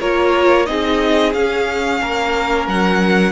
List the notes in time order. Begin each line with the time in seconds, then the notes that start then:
0.00 A#3 F4 A#4 C#5
0.66 C4 D#4 G#4 D#5
1.34 C#4 F5
2.01 A#3 A#4
2.68 F#3 F#5